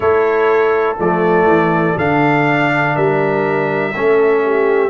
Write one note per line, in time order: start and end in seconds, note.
0.00 0.98 A3
0.00 0.96 E4
0.00 2.95 A4
0.00 0.97 C#5
0.99 1.45 F3
0.99 1.96 A3
0.99 1.98 D5
1.45 1.94 E3
1.96 2.95 D3
1.96 3.93 D4
1.96 2.96 F5
2.95 3.95 G3
2.95 3.93 A#4
2.95 4.89 E5
3.94 4.89 A3
3.94 4.89 C#4
3.94 4.44 A4
4.44 4.89 G4